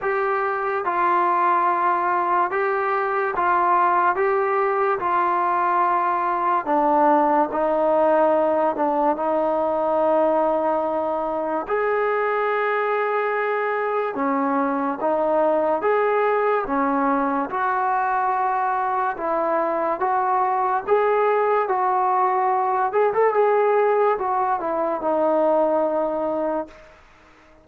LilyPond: \new Staff \with { instrumentName = "trombone" } { \time 4/4 \tempo 4 = 72 g'4 f'2 g'4 | f'4 g'4 f'2 | d'4 dis'4. d'8 dis'4~ | dis'2 gis'2~ |
gis'4 cis'4 dis'4 gis'4 | cis'4 fis'2 e'4 | fis'4 gis'4 fis'4. gis'16 a'16 | gis'4 fis'8 e'8 dis'2 | }